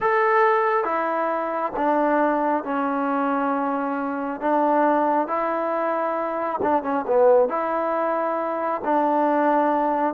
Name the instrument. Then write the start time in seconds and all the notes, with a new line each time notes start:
trombone
0.00 A4
0.84 E4
1.76 D4
2.64 C#4
4.40 D4
5.27 E4
6.62 D4
6.82 C#4
7.07 B3
7.48 E4
8.84 D4